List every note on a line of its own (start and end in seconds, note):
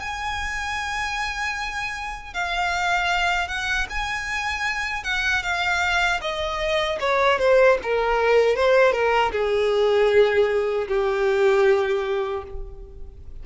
0.00 2.34 G#5
2.34 3.48 F5
3.48 3.87 F#5
3.90 5.04 G#5
5.04 5.43 F#5
5.43 6.21 F5
6.21 6.99 D#5
7.00 7.39 C#5
7.39 7.78 C5
7.83 8.56 A#4
8.56 8.93 C5
8.93 9.32 A#4
9.32 10.88 G#4
10.88 12.44 G4